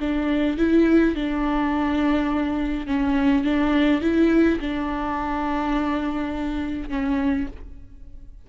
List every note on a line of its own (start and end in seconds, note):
0.00 0.57 D4
0.57 1.15 E4
1.15 2.87 D4
2.87 3.44 C#4
3.44 4.01 D4
4.01 4.59 E4
4.60 6.89 D4
6.89 7.47 C#4